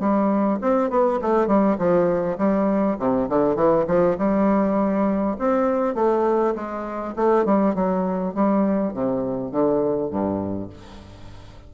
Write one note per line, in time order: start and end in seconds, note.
0.00 0.59 G3
0.62 0.90 C4
0.90 1.20 B3
1.22 1.47 A3
1.47 1.77 G3
1.78 2.38 F3
2.38 2.98 G3
2.99 3.29 C3
3.29 3.56 D3
3.56 3.85 E3
3.87 4.17 F3
4.18 5.37 G3
5.39 5.95 C4
5.95 6.54 A3
6.55 7.15 G#3
7.16 7.45 A3
7.45 7.75 G3
7.75 8.34 F#3
8.34 8.94 G3
8.94 9.52 C3
9.52 10.10 D3
10.10 10.70 G2